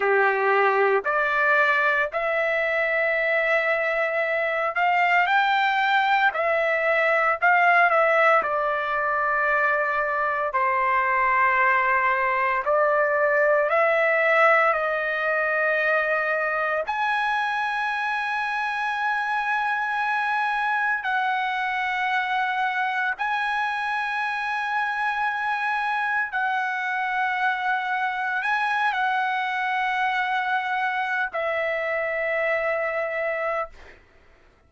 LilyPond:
\new Staff \with { instrumentName = "trumpet" } { \time 4/4 \tempo 4 = 57 g'4 d''4 e''2~ | e''8 f''8 g''4 e''4 f''8 e''8 | d''2 c''2 | d''4 e''4 dis''2 |
gis''1 | fis''2 gis''2~ | gis''4 fis''2 gis''8 fis''8~ | fis''4.~ fis''16 e''2~ e''16 | }